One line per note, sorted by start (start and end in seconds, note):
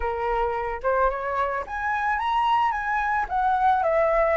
0.00 0.80 A#4
0.83 1.09 C5
1.09 1.64 C#5
1.66 2.18 G#5
2.18 2.71 A#5
2.71 3.26 G#5
3.29 3.83 F#5
3.83 4.37 E5